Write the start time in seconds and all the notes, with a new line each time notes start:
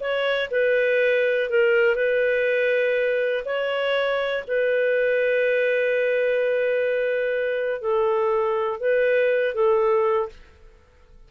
0.00 C#5
0.50 B4
1.49 A#4
1.95 B4
3.45 C#5
4.47 B4
7.81 A4
8.80 B4
9.54 A4